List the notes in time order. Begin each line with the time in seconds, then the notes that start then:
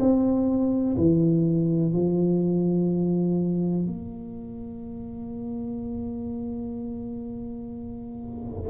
0.00 C4
0.97 E3
1.93 F3
3.86 A#3